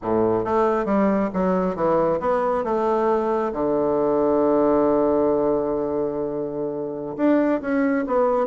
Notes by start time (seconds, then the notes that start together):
0.02 A2
0.44 A3
0.85 G3
1.33 F#3
1.75 E3
2.19 B3
2.64 A3
3.52 D3
7.17 D4
7.61 C#4
8.06 B3